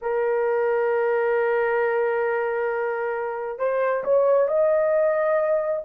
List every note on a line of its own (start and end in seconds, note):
0.01 3.59 A#4
3.59 4.03 C5
4.03 4.48 C#5
4.48 5.82 D#5